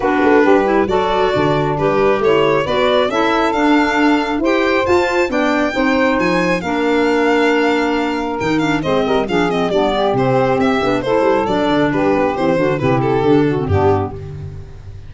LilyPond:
<<
  \new Staff \with { instrumentName = "violin" } { \time 4/4 \tempo 4 = 136 b'2 d''2 | b'4 cis''4 d''4 e''4 | f''2 g''4 a''4 | g''2 gis''4 f''4~ |
f''2. g''8 f''8 | dis''4 f''8 dis''8 d''4 c''4 | e''4 c''4 d''4 b'4 | c''4 b'8 a'4. g'4 | }
  \new Staff \with { instrumentName = "saxophone" } { \time 4/4 fis'4 g'4 a'4 d'4~ | d'4 e'4 b'4 a'4~ | a'2 c''2 | d''4 c''2 ais'4~ |
ais'1 | c''8 ais'8 gis'4 d'8 g'4.~ | g'4 a'2 g'4~ | g'8 fis'8 g'4. fis'8 d'4 | }
  \new Staff \with { instrumentName = "clarinet" } { \time 4/4 d'4. e'8 fis'2 | g'2 fis'4 e'4 | d'2 g'4 f'4 | d'4 dis'2 d'4~ |
d'2. dis'8 d'8 | c'4 d'8 c'8 b4 c'4~ | c'8 d'8 e'4 d'2 | c'8 d'8 e'4 d'8. c'16 b4 | }
  \new Staff \with { instrumentName = "tuba" } { \time 4/4 b8 a8 g4 fis4 d4 | g4 a4 b4 cis'4 | d'2 e'4 f'4 | b4 c'4 f4 ais4~ |
ais2. dis4 | gis8 g8 f4 g4 c4 | c'8 b8 a8 g8 fis8 d8 g8 b8 | e8 d8 c4 d4 g,4 | }
>>